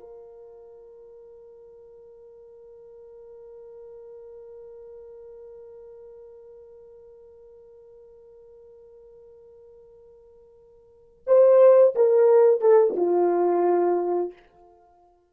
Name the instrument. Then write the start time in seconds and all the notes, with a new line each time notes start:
horn
0.00 A#4
11.27 C5
11.96 A#4
12.61 A4
12.97 F4